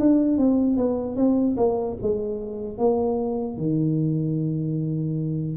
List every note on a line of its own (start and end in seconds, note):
0.00 0.38 D4
0.38 0.77 C4
0.77 1.17 B3
1.17 1.57 C4
1.57 1.97 A#3
2.03 2.79 G#3
2.79 3.58 A#3
3.58 5.57 D#3